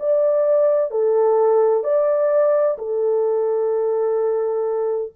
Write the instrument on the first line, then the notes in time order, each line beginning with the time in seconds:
horn
0.00 D5
0.91 A4
1.84 D5
2.78 A4